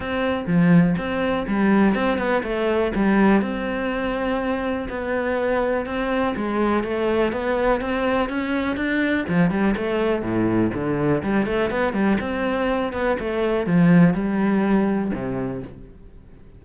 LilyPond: \new Staff \with { instrumentName = "cello" } { \time 4/4 \tempo 4 = 123 c'4 f4 c'4 g4 | c'8 b8 a4 g4 c'4~ | c'2 b2 | c'4 gis4 a4 b4 |
c'4 cis'4 d'4 f8 g8 | a4 a,4 d4 g8 a8 | b8 g8 c'4. b8 a4 | f4 g2 c4 | }